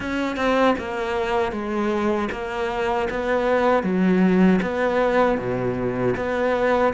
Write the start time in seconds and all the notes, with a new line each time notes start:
0.00 C#4
0.36 C4
0.78 A#3
1.51 G#3
2.31 A#3
3.10 B3
3.83 F#3
4.62 B3
5.38 B2
6.16 B3